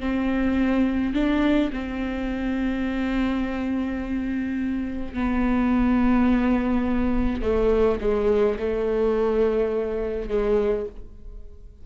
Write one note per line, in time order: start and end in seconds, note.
0.00 1.14 C4
1.15 1.72 D4
1.73 5.14 C4
5.14 7.42 B3
7.42 7.99 A3
8.01 8.58 G#3
8.60 10.29 A3
10.29 10.86 G#3